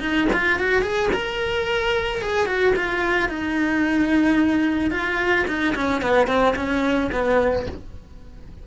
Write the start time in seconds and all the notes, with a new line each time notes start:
0.00 D#4
0.32 F4
0.59 F#4
0.82 G#4
1.13 A#4
2.21 G#4
2.46 F#4
2.76 F4
3.29 D#4
4.90 F4
5.47 D#4
5.75 C#4
6.01 B3
6.27 C4
6.56 C#4
7.12 B3